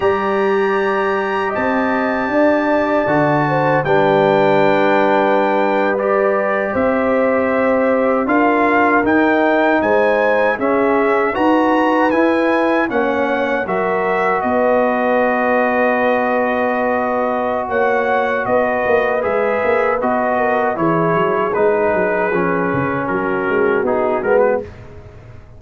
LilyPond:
<<
  \new Staff \with { instrumentName = "trumpet" } { \time 4/4 \tempo 4 = 78 ais''2 a''2~ | a''4 g''2~ g''8. d''16~ | d''8. e''2 f''4 g''16~ | g''8. gis''4 e''4 ais''4 gis''16~ |
gis''8. fis''4 e''4 dis''4~ dis''16~ | dis''2. fis''4 | dis''4 e''4 dis''4 cis''4 | b'2 ais'4 gis'8 ais'16 b'16 | }
  \new Staff \with { instrumentName = "horn" } { \time 4/4 d''2 dis''4 d''4~ | d''8 c''8 b'2.~ | b'8. c''2 ais'4~ ais'16~ | ais'8. c''4 gis'4 b'4~ b'16~ |
b'8. cis''4 ais'4 b'4~ b'16~ | b'2. cis''4 | b'2~ b'8 ais'8 gis'4~ | gis'2 fis'2 | }
  \new Staff \with { instrumentName = "trombone" } { \time 4/4 g'1 | fis'4 d'2~ d'8. g'16~ | g'2~ g'8. f'4 dis'16~ | dis'4.~ dis'16 cis'4 fis'4 e'16~ |
e'8. cis'4 fis'2~ fis'16~ | fis'1~ | fis'4 gis'4 fis'4 e'4 | dis'4 cis'2 dis'8 b8 | }
  \new Staff \with { instrumentName = "tuba" } { \time 4/4 g2 c'4 d'4 | d4 g2.~ | g8. c'2 d'4 dis'16~ | dis'8. gis4 cis'4 dis'4 e'16~ |
e'8. ais4 fis4 b4~ b16~ | b2. ais4 | b8 ais8 gis8 ais8 b4 e8 fis8 | gis8 fis8 f8 cis8 fis8 gis8 b8 gis8 | }
>>